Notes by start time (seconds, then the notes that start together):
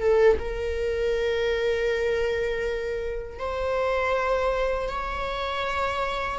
0.00 A4
0.39 A#4
3.39 C5
4.89 C#5